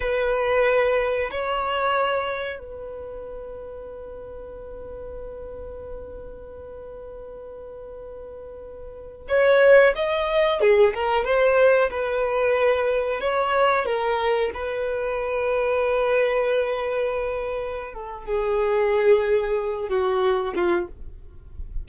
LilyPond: \new Staff \with { instrumentName = "violin" } { \time 4/4 \tempo 4 = 92 b'2 cis''2 | b'1~ | b'1~ | b'2~ b'16 cis''4 dis''8.~ |
dis''16 gis'8 ais'8 c''4 b'4.~ b'16~ | b'16 cis''4 ais'4 b'4.~ b'16~ | b'2.~ b'8 a'8 | gis'2~ gis'8 fis'4 f'8 | }